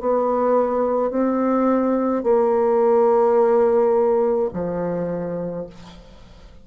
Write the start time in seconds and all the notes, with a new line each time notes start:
0.00 B3
1.11 C4
2.23 A#3
4.53 F3